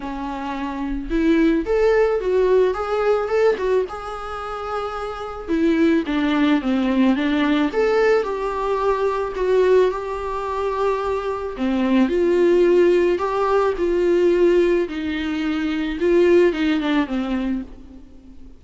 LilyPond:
\new Staff \with { instrumentName = "viola" } { \time 4/4 \tempo 4 = 109 cis'2 e'4 a'4 | fis'4 gis'4 a'8 fis'8 gis'4~ | gis'2 e'4 d'4 | c'4 d'4 a'4 g'4~ |
g'4 fis'4 g'2~ | g'4 c'4 f'2 | g'4 f'2 dis'4~ | dis'4 f'4 dis'8 d'8 c'4 | }